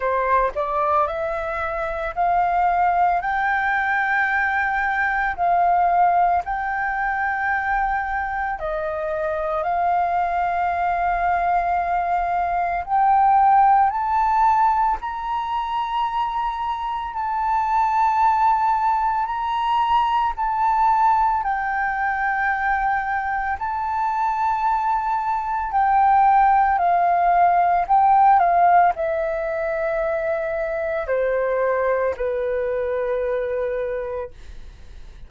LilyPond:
\new Staff \with { instrumentName = "flute" } { \time 4/4 \tempo 4 = 56 c''8 d''8 e''4 f''4 g''4~ | g''4 f''4 g''2 | dis''4 f''2. | g''4 a''4 ais''2 |
a''2 ais''4 a''4 | g''2 a''2 | g''4 f''4 g''8 f''8 e''4~ | e''4 c''4 b'2 | }